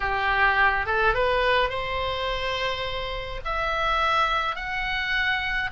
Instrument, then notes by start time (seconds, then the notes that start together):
oboe
0.00 G4
0.86 A4
1.14 B4
1.69 C5
3.44 E5
4.55 F#5